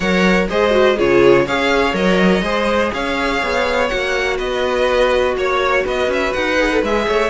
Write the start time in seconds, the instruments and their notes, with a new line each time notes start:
0.00 cello F#3, viola A#4, violin C#5 F#5
0.49 cello G#3, viola G#4, violin C5 D#5
0.70 viola F#4
0.96 cello C#3, viola F4, violin G#4 C#5
1.46 cello C#4, viola G#4, violin C#5 F5
1.93 cello F#3, viola A#4, violin D#5
2.42 cello G#3, viola G#4, violin C5
2.93 cello C#4, violin C#5 F5
3.42 cello B3
3.88 cello A#3, viola F#4, violin F#5
4.37 cello B3, violin B4 D#5
5.36 cello A#3, violin C#5
5.83 cello B3, violin B4 D#5
6.07 cello C#4, violin E5
6.33 cello D#4, violin F#5
6.59 viola G#4
6.71 viola A4
6.82 cello G#3, viola G#4, violin E5
7.07 cello A3, violin C#5